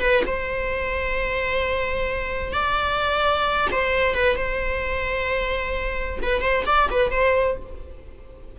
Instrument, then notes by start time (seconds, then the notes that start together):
viola
0.00 B4
0.26 C5
2.53 D5
3.71 C5
4.14 B4
4.36 C5
6.22 B4
6.41 C5
6.66 D5
6.90 B4
7.10 C5